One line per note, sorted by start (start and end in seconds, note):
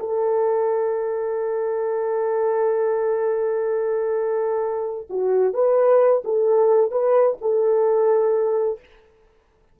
0.00 5.08 A4
5.10 5.54 F#4
5.54 6.23 B4
6.25 6.91 A4
6.91 7.38 B4
7.42 8.80 A4